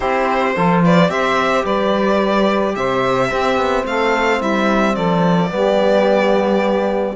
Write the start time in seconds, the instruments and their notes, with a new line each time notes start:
0.00 cello C4, trombone E4, saxophone G4, violin C5
0.55 cello F3, trombone F4, saxophone A4
0.83 saxophone B4, violin D5
1.08 cello C4, trombone G4, saxophone C5, violin E5
1.64 cello G3, saxophone B4, violin D5
2.75 cello C3, saxophone C5, violin E5
3.28 trombone C4, cello C4, saxophone G4
3.56 cello B3
3.85 cello A3, saxophone A4, violin F5
4.37 cello G3, saxophone E4, violin E5
4.95 cello F3, saxophone A4, violin D5
5.49 cello G3, trombone B3, saxophone G4